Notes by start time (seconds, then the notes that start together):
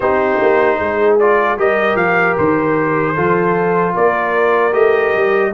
0.00 C4 D#4 G4 C5
0.41 A#3
0.79 G#3 G#4
1.19 F4 D5
1.57 G3 G4 A#4 D#5
1.95 F3 F5
2.37 D#3 C5
3.14 F3 F4 A4
3.94 A#3 A#4 D5
4.72 A3 G4 D#5
5.14 G3